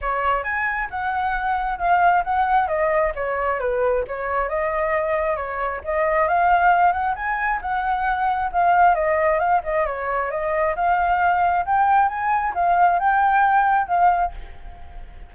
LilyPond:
\new Staff \with { instrumentName = "flute" } { \time 4/4 \tempo 4 = 134 cis''4 gis''4 fis''2 | f''4 fis''4 dis''4 cis''4 | b'4 cis''4 dis''2 | cis''4 dis''4 f''4. fis''8 |
gis''4 fis''2 f''4 | dis''4 f''8 dis''8 cis''4 dis''4 | f''2 g''4 gis''4 | f''4 g''2 f''4 | }